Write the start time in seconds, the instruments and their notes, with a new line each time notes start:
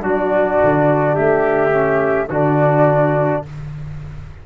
0.00 tuba F#3, trombone D4, trumpet F#4, flute D5
0.63 tuba D3
1.14 tuba A3, trumpet G4, flute E5
1.70 trombone C#4
2.29 tuba D3, trombone D4, trumpet F#4, flute D5